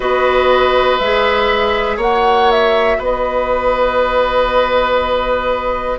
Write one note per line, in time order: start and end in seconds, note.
0.00 0.99 B3
0.00 1.00 F#4
0.00 1.96 B4
0.00 0.98 D#5
0.98 1.97 G#3
0.98 2.02 G#4
0.98 1.98 E5
1.96 2.97 A#3
1.96 5.98 F#4
1.96 2.96 C#5
1.96 2.51 F#5
2.51 3.01 E5
2.98 5.98 B3
2.98 5.98 B4
2.98 5.98 D#5